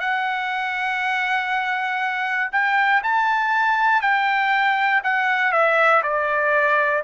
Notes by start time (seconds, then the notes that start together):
0.00 F#5
2.52 G5
3.03 A5
4.01 G5
5.04 F#5
5.52 E5
6.03 D5